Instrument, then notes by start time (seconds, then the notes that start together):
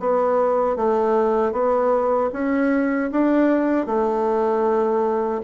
bassoon
0.00 B3
0.76 A3
1.52 B3
2.33 C#4
3.11 D4
3.86 A3